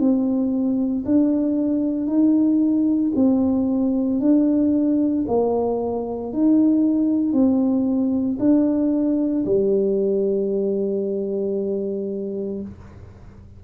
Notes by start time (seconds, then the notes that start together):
0.00 C4
1.05 D4
2.07 D#4
3.15 C4
4.20 D4
5.28 A#3
6.33 D#4
7.33 C4
8.39 D4
9.46 G3